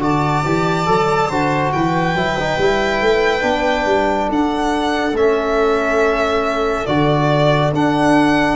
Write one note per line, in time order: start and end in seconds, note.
0.00 0.43 D3
0.00 0.43 F#4
0.00 1.29 D5
0.00 1.72 A5
0.45 0.87 E3
0.45 0.86 G4
0.86 1.30 F#3
0.86 1.29 A4
1.29 1.73 D3
1.29 2.16 F#4
1.29 1.72 C5
1.72 2.14 E3
1.72 4.29 B4
1.72 4.29 G5
2.14 2.57 F#3
2.14 2.37 E4
2.39 2.60 D#4
2.58 3.01 G3
2.58 3.41 E4
3.01 3.43 A3
3.41 3.86 B3
3.41 5.12 D4
3.86 4.28 G3
4.29 5.12 D4
4.29 8.56 A4
4.29 5.17 F#5
5.12 6.84 A3
5.12 6.87 C#4
5.12 6.86 E5
6.86 7.73 D3
6.86 7.73 F#4
6.86 7.72 D5
7.73 8.56 D4
7.73 8.56 F#5